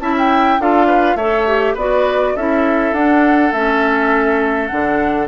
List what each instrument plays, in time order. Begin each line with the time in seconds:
0.00 bassoon C#4, clarinet E4, oboe E5, flute A5
0.19 flute G5
0.60 bassoon D4, clarinet F4, oboe A4, flute F5
0.87 oboe B4
1.16 bassoon A3, clarinet A4, oboe C#5, flute E5
1.48 clarinet G4
1.75 bassoon B3, clarinet F#4, oboe B4, flute D5
2.36 bassoon C#4, clarinet E4, oboe A4, flute E5
2.93 bassoon D4, clarinet D4, flute F#5
3.52 bassoon A3, clarinet C#4, flute E5
4.67 bassoon D3, clarinet D4, flute F#5